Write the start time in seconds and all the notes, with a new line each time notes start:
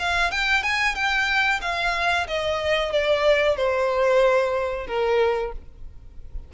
0.00 F5
0.31 G5
0.63 G#5
0.95 G5
1.62 F5
2.28 D#5
2.93 D5
3.57 C5
4.88 A#4